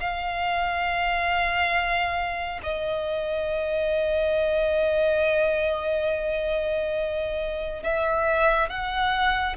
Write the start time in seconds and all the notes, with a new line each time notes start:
0.00 F5
2.63 D#5
7.83 E5
8.70 F#5